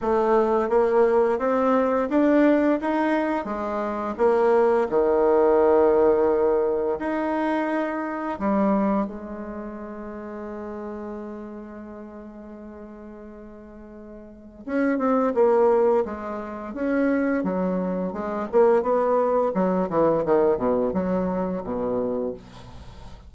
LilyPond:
\new Staff \with { instrumentName = "bassoon" } { \time 4/4 \tempo 4 = 86 a4 ais4 c'4 d'4 | dis'4 gis4 ais4 dis4~ | dis2 dis'2 | g4 gis2.~ |
gis1~ | gis4 cis'8 c'8 ais4 gis4 | cis'4 fis4 gis8 ais8 b4 | fis8 e8 dis8 b,8 fis4 b,4 | }